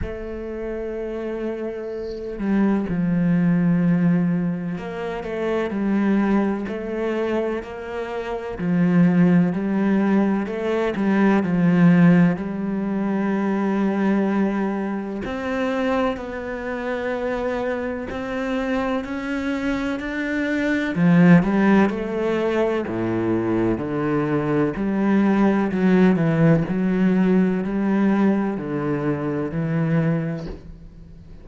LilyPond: \new Staff \with { instrumentName = "cello" } { \time 4/4 \tempo 4 = 63 a2~ a8 g8 f4~ | f4 ais8 a8 g4 a4 | ais4 f4 g4 a8 g8 | f4 g2. |
c'4 b2 c'4 | cis'4 d'4 f8 g8 a4 | a,4 d4 g4 fis8 e8 | fis4 g4 d4 e4 | }